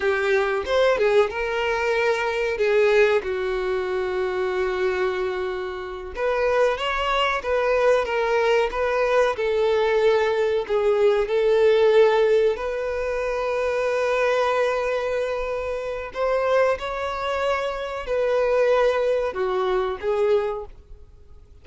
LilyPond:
\new Staff \with { instrumentName = "violin" } { \time 4/4 \tempo 4 = 93 g'4 c''8 gis'8 ais'2 | gis'4 fis'2.~ | fis'4. b'4 cis''4 b'8~ | b'8 ais'4 b'4 a'4.~ |
a'8 gis'4 a'2 b'8~ | b'1~ | b'4 c''4 cis''2 | b'2 fis'4 gis'4 | }